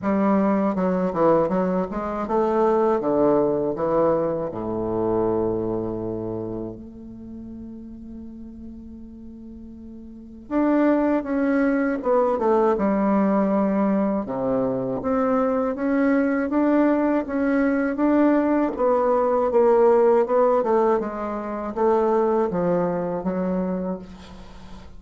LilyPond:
\new Staff \with { instrumentName = "bassoon" } { \time 4/4 \tempo 4 = 80 g4 fis8 e8 fis8 gis8 a4 | d4 e4 a,2~ | a,4 a2.~ | a2 d'4 cis'4 |
b8 a8 g2 c4 | c'4 cis'4 d'4 cis'4 | d'4 b4 ais4 b8 a8 | gis4 a4 f4 fis4 | }